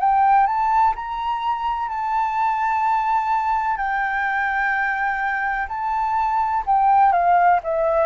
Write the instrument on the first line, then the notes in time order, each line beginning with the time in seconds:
flute
0.00 G5
0.47 A5
0.96 A#5
1.89 A5
3.77 G5
5.68 A5
6.66 G5
7.13 F5
7.64 E5